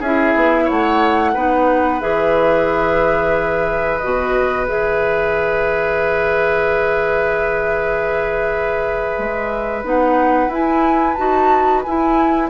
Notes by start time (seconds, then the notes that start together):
0.00 C#4 E4 G#4 E5
0.36 B3
0.65 A3 C#5 F#5
1.34 B3 D#4 B4
2.00 E3 G#4 E5
3.99 B2 F#4 D#5
4.66 E3 G#4 E5
9.18 G#3
9.83 B3 D#4 F#5
10.48 E4 G#5
11.15 D#4 F#4 A5
11.82 E4 G#5